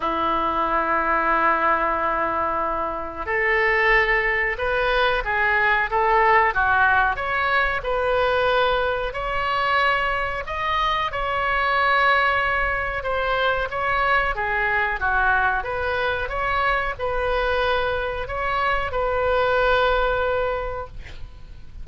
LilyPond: \new Staff \with { instrumentName = "oboe" } { \time 4/4 \tempo 4 = 92 e'1~ | e'4 a'2 b'4 | gis'4 a'4 fis'4 cis''4 | b'2 cis''2 |
dis''4 cis''2. | c''4 cis''4 gis'4 fis'4 | b'4 cis''4 b'2 | cis''4 b'2. | }